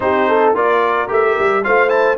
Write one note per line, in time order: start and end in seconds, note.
0.00 0.54 C4
0.00 0.54 D#4
0.00 0.28 G4
0.00 0.53 C5
0.28 0.54 A4
0.54 1.08 A#3
0.54 1.08 F4
0.54 1.63 A#4
0.54 1.10 D5
1.08 1.36 A3
1.08 1.62 G4
1.08 1.63 E5
1.38 1.66 G3
1.63 2.17 A3
1.63 1.89 F4
1.63 2.17 C5
1.63 1.89 F5
1.89 2.16 E4
1.89 2.16 A5